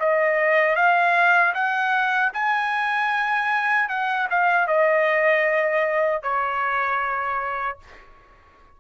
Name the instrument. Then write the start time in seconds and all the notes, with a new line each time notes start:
trumpet
0.00 D#5
0.76 F5
1.54 F#5
2.34 G#5
3.89 F#5
4.31 F5
4.68 D#5
6.23 C#5